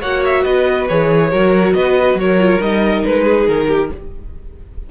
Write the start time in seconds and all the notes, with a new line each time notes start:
0.00 A#3 F#4 C#5 F#5
0.25 E5
0.43 B3 B4 D#5
0.88 E3 G#4 C#5
1.31 F#3 F#4 A#4
1.73 B3 B4 D#5
2.14 F#3 C#5
2.20 A#4
2.39 F4
2.60 G3 D#4 D#5
3.05 G#3 B4
3.23 G#4
3.47 D#3 A#4
3.67 G4